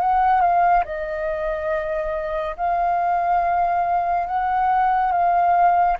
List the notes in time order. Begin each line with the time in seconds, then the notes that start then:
0.00 F#5
0.41 F5
0.85 D#5
2.56 F5
4.27 F#5
5.12 F5